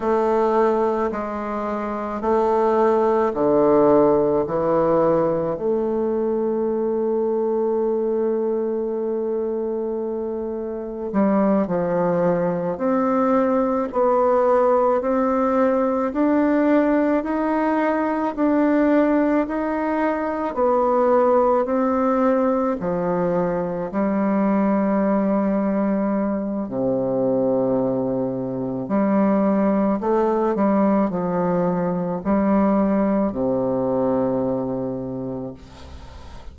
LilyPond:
\new Staff \with { instrumentName = "bassoon" } { \time 4/4 \tempo 4 = 54 a4 gis4 a4 d4 | e4 a2.~ | a2 g8 f4 c'8~ | c'8 b4 c'4 d'4 dis'8~ |
dis'8 d'4 dis'4 b4 c'8~ | c'8 f4 g2~ g8 | c2 g4 a8 g8 | f4 g4 c2 | }